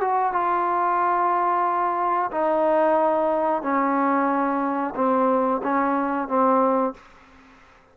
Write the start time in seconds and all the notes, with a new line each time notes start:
0.00 F#4
0.32 F4
2.31 D#4
3.62 C#4
4.95 C4
5.63 C#4
6.28 C4